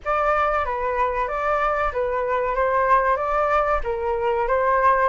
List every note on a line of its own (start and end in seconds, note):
0.04 0.65 D5
0.65 1.28 B4
1.28 1.91 D5
1.92 2.55 B4
2.55 3.16 C5
3.16 3.80 D5
3.83 4.47 A#4
4.47 5.09 C5